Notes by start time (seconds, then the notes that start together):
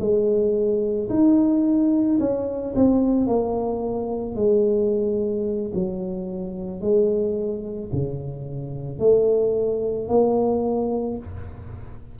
0.00 G#3
1.09 D#4
2.20 C#4
2.75 C4
3.27 A#3
4.35 G#3
5.74 F#3
6.81 G#3
7.92 C#3
8.99 A3
10.08 A#3